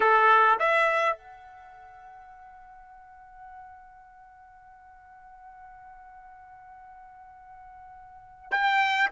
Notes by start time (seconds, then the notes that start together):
0.00 A4
0.59 E5
1.16 F#5
8.51 G5